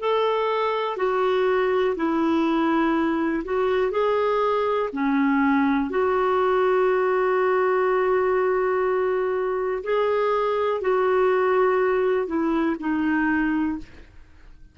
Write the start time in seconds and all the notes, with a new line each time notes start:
0.00 A4
0.97 F#4
1.96 E4
3.45 F#4
3.92 G#4
4.93 C#4
5.90 F#4
9.84 G#4
10.82 F#4
12.27 E4
12.80 D#4